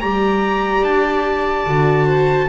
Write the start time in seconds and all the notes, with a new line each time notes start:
0.00 G3 G4 D5 A#5
0.81 D4 A5
1.66 D3 F#4
2.05 C5